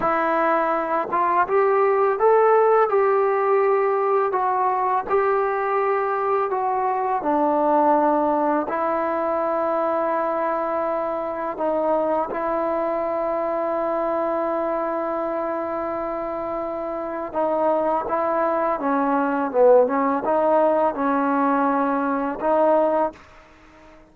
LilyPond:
\new Staff \with { instrumentName = "trombone" } { \time 4/4 \tempo 4 = 83 e'4. f'8 g'4 a'4 | g'2 fis'4 g'4~ | g'4 fis'4 d'2 | e'1 |
dis'4 e'2.~ | e'1 | dis'4 e'4 cis'4 b8 cis'8 | dis'4 cis'2 dis'4 | }